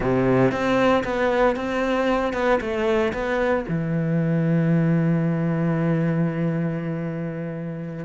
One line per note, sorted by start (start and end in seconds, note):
0.00 0.51 C3
0.51 1.03 C4
1.04 1.56 B3
1.56 2.33 C4
2.33 2.59 B3
2.60 3.12 A3
3.13 3.65 B3
3.68 8.05 E3